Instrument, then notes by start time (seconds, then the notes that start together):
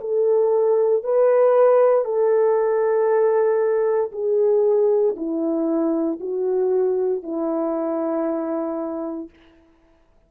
horn
0.00 A4
1.03 B4
2.05 A4
4.12 G#4
5.16 E4
6.20 F#4
7.23 E4